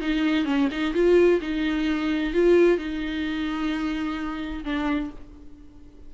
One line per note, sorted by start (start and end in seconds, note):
0.00 0.45 D#4
0.45 0.68 C#4
0.71 0.93 D#4
0.93 1.40 F4
1.41 2.33 D#4
2.33 2.78 F4
2.78 4.64 D#4
4.64 5.10 D4